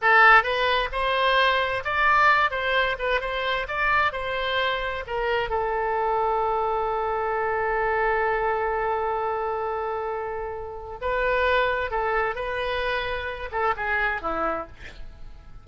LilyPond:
\new Staff \with { instrumentName = "oboe" } { \time 4/4 \tempo 4 = 131 a'4 b'4 c''2 | d''4. c''4 b'8 c''4 | d''4 c''2 ais'4 | a'1~ |
a'1~ | a'1 | b'2 a'4 b'4~ | b'4. a'8 gis'4 e'4 | }